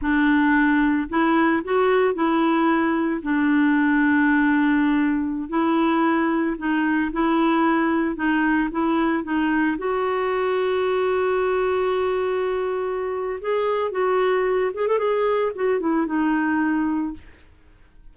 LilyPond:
\new Staff \with { instrumentName = "clarinet" } { \time 4/4 \tempo 4 = 112 d'2 e'4 fis'4 | e'2 d'2~ | d'2~ d'16 e'4.~ e'16~ | e'16 dis'4 e'2 dis'8.~ |
dis'16 e'4 dis'4 fis'4.~ fis'16~ | fis'1~ | fis'4 gis'4 fis'4. gis'16 a'16 | gis'4 fis'8 e'8 dis'2 | }